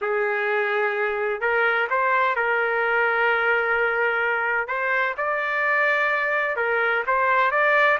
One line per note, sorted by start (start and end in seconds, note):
0.01 1.40 G#4
1.40 1.87 A#4
1.90 2.35 C5
2.35 4.67 A#4
4.67 5.14 C5
5.17 6.56 D5
6.56 7.03 A#4
7.07 7.51 C5
7.51 7.98 D5